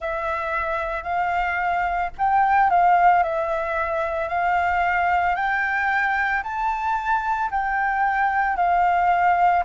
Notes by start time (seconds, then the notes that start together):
0.00 E5
1.03 F5
2.17 G5
2.69 F5
3.23 E5
4.29 F5
5.35 G5
6.43 A5
7.50 G5
8.56 F5